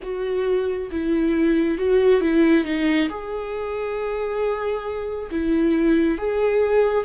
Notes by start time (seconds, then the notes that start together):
0.02 F#4
0.91 E4
1.78 F#4
2.20 E4
2.64 D#4
3.09 G#4
5.30 E4
6.18 G#4